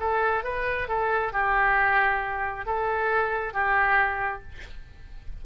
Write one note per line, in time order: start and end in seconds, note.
0.00 0.44 A4
0.44 0.88 B4
0.88 1.33 A4
1.33 2.66 G4
2.66 3.53 A4
3.53 4.42 G4